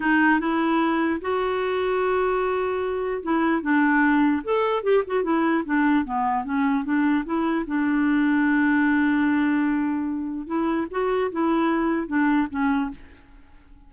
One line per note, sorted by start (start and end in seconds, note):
0.00 0.40 D#4
0.40 1.20 E4
1.21 3.22 F#4
3.22 3.62 E4
3.62 4.42 D4
4.43 4.83 A4
4.83 5.03 G4
5.06 5.23 F#4
5.23 5.63 E4
5.65 6.04 D4
6.04 6.44 B3
6.44 6.84 C#4
6.84 7.24 D4
7.25 7.65 E4
7.66 10.46 D4
10.46 10.87 E4
10.90 11.31 F#4
11.31 12.07 E4
12.07 12.47 D4
12.50 12.90 C#4